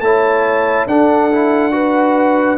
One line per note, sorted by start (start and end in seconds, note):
0.00 0.86 A3
0.00 0.88 E4
0.00 0.88 C#5
0.00 0.86 A5
0.86 2.58 D4
0.86 1.31 D4
0.86 1.72 A4
0.86 2.58 F#5
1.32 1.71 E4
1.71 2.57 F#4
1.71 2.58 B4